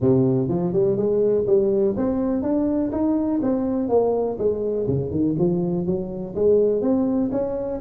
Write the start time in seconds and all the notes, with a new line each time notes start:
0.00 C3
0.48 F3
0.72 G3
0.96 G#3
1.46 G3
1.96 C4
2.42 D4
2.92 D#4
3.42 C4
3.88 A#3
4.38 G#3
4.87 C#3
5.10 D#3
5.38 F3
5.86 F#3
6.35 G#3
6.81 C4
7.31 C#4